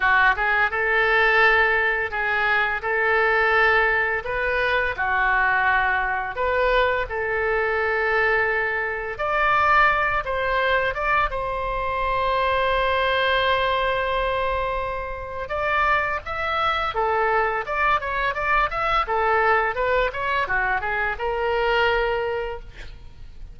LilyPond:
\new Staff \with { instrumentName = "oboe" } { \time 4/4 \tempo 4 = 85 fis'8 gis'8 a'2 gis'4 | a'2 b'4 fis'4~ | fis'4 b'4 a'2~ | a'4 d''4. c''4 d''8 |
c''1~ | c''2 d''4 e''4 | a'4 d''8 cis''8 d''8 e''8 a'4 | b'8 cis''8 fis'8 gis'8 ais'2 | }